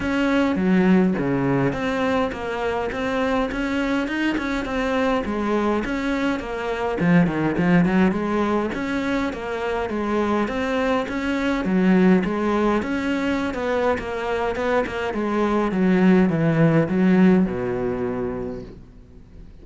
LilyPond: \new Staff \with { instrumentName = "cello" } { \time 4/4 \tempo 4 = 103 cis'4 fis4 cis4 c'4 | ais4 c'4 cis'4 dis'8 cis'8 | c'4 gis4 cis'4 ais4 | f8 dis8 f8 fis8 gis4 cis'4 |
ais4 gis4 c'4 cis'4 | fis4 gis4 cis'4~ cis'16 b8. | ais4 b8 ais8 gis4 fis4 | e4 fis4 b,2 | }